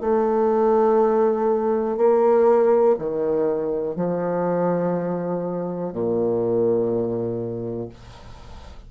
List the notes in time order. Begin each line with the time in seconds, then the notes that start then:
0.00 A3
1.97 A#3
2.99 D#3
3.96 F3
5.92 A#2